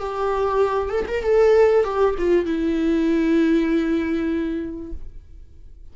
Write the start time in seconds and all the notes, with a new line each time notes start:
0.00 G4
0.89 A4
1.08 A#4
1.23 A4
1.84 G4
2.18 F4
2.45 E4